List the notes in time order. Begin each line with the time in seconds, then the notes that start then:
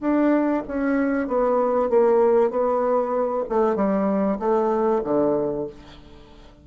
0.00 D4
0.67 C#4
1.27 B3
1.89 A#3
2.50 B3
3.49 A3
3.75 G3
4.39 A3
5.04 D3